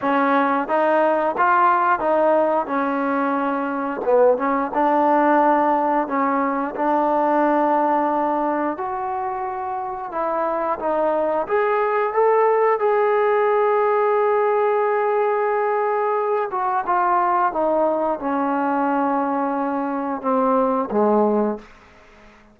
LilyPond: \new Staff \with { instrumentName = "trombone" } { \time 4/4 \tempo 4 = 89 cis'4 dis'4 f'4 dis'4 | cis'2 b8 cis'8 d'4~ | d'4 cis'4 d'2~ | d'4 fis'2 e'4 |
dis'4 gis'4 a'4 gis'4~ | gis'1~ | gis'8 fis'8 f'4 dis'4 cis'4~ | cis'2 c'4 gis4 | }